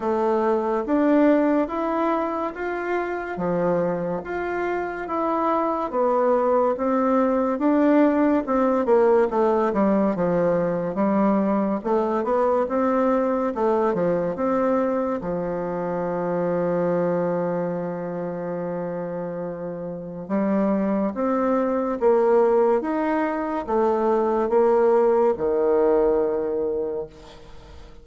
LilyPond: \new Staff \with { instrumentName = "bassoon" } { \time 4/4 \tempo 4 = 71 a4 d'4 e'4 f'4 | f4 f'4 e'4 b4 | c'4 d'4 c'8 ais8 a8 g8 | f4 g4 a8 b8 c'4 |
a8 f8 c'4 f2~ | f1 | g4 c'4 ais4 dis'4 | a4 ais4 dis2 | }